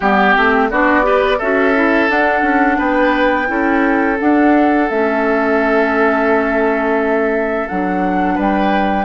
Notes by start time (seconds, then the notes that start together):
0.00 G3 B3 G4
0.35 A3 C4
0.70 B3 D4 F#4 D5
1.02 G4 B4
1.38 C#4 F#4 A4 E5
1.74 E4
2.08 D4 F#5
2.42 C#4
2.77 B3 B4 G5
3.46 C#4 E4 A4
4.19 D4 F#5
4.89 A3 C#4 E5
7.68 F#3 D4 F#5
8.34 G3 B4
8.41 G5